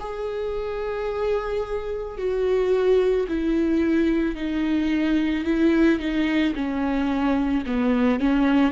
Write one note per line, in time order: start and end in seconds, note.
0.00 2.18 G#4
2.18 3.27 F#4
3.28 4.36 E4
4.36 5.45 D#4
5.45 6.00 E4
6.00 6.54 D#4
6.56 7.65 C#4
7.67 8.20 B3
8.20 8.72 C#4